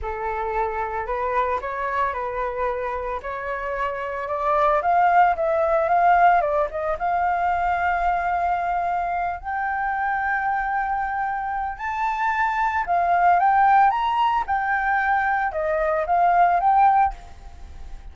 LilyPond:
\new Staff \with { instrumentName = "flute" } { \time 4/4 \tempo 4 = 112 a'2 b'4 cis''4 | b'2 cis''2 | d''4 f''4 e''4 f''4 | d''8 dis''8 f''2.~ |
f''4. g''2~ g''8~ | g''2 a''2 | f''4 g''4 ais''4 g''4~ | g''4 dis''4 f''4 g''4 | }